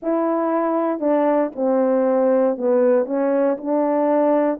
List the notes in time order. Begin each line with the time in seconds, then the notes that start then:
0.02 E4
1.00 D4
1.55 C4
2.57 B3
3.05 C#4
3.57 D4